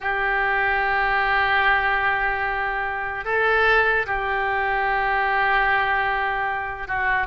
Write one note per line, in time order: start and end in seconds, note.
0.00 3.24 G4
3.24 4.05 A4
4.06 6.87 G4
6.87 7.26 F#4